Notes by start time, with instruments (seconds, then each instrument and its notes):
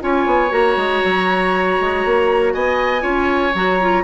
0.00 bassoon C#4, clarinet F4, oboe C#5, flute G#5
0.25 bassoon B3
0.49 bassoon A#3, clarinet F#4, flute A#5
0.76 bassoon G#3
1.04 bassoon F#3
1.80 bassoon G#3
2.05 bassoon A#3
2.53 bassoon B3, oboe D#5, flute G#5
3.00 bassoon C#4, clarinet F4, oboe C#5
3.54 bassoon F#3, clarinet F#4, flute A#5
3.81 clarinet F4